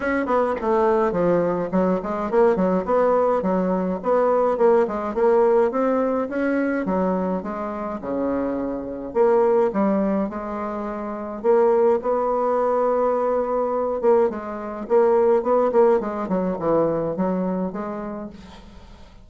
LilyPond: \new Staff \with { instrumentName = "bassoon" } { \time 4/4 \tempo 4 = 105 cis'8 b8 a4 f4 fis8 gis8 | ais8 fis8 b4 fis4 b4 | ais8 gis8 ais4 c'4 cis'4 | fis4 gis4 cis2 |
ais4 g4 gis2 | ais4 b2.~ | b8 ais8 gis4 ais4 b8 ais8 | gis8 fis8 e4 fis4 gis4 | }